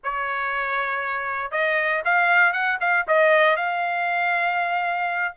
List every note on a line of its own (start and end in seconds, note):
0.03 1.51 C#5
1.51 2.02 D#5
2.04 2.52 F5
2.52 2.78 F#5
2.80 3.06 F5
3.07 3.56 D#5
3.56 5.34 F5